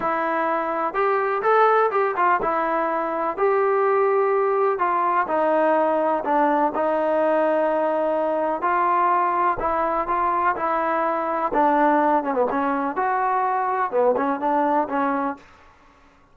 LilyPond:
\new Staff \with { instrumentName = "trombone" } { \time 4/4 \tempo 4 = 125 e'2 g'4 a'4 | g'8 f'8 e'2 g'4~ | g'2 f'4 dis'4~ | dis'4 d'4 dis'2~ |
dis'2 f'2 | e'4 f'4 e'2 | d'4. cis'16 b16 cis'4 fis'4~ | fis'4 b8 cis'8 d'4 cis'4 | }